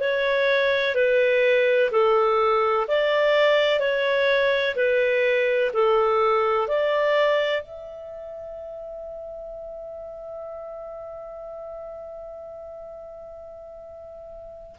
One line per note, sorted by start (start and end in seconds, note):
0.00 0.95 C#5
0.95 1.90 B4
1.91 2.87 A4
2.88 3.80 D5
3.80 4.75 C#5
4.76 5.71 B4
5.73 6.68 A4
6.68 7.62 D5
7.62 14.76 E5